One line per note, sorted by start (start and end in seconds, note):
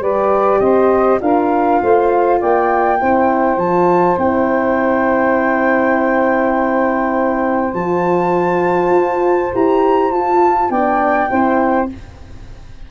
0.00 0.59 G3
0.00 1.20 G4
0.00 0.60 B4
0.00 0.60 D5
0.60 1.19 C4
0.60 1.21 C5
0.60 1.19 D#5
1.20 1.81 D4
1.20 2.99 F4
1.20 1.82 A#4
1.20 2.40 F5
1.82 2.42 A3
1.82 2.40 C5
2.40 3.02 A#3
2.40 2.99 D5
2.40 3.59 G5
3.00 3.57 C4
3.00 3.60 E4
3.00 10.71 C5
3.57 4.16 F3
3.57 4.18 F4
3.57 4.19 A5
4.18 7.74 C4
4.18 7.75 E4
4.18 7.74 G5
7.74 8.91 F3
7.74 9.53 F4
7.74 9.52 A5
8.91 9.50 F4
9.53 10.11 E4
9.53 10.13 G4
9.53 10.12 A#5
10.11 10.70 F4
10.11 10.72 F4
10.11 10.71 A5
10.70 11.30 B3
10.70 11.29 D4
10.70 11.30 D5
10.70 11.90 G5
11.29 11.91 C4
11.29 11.89 E4
11.29 11.90 C5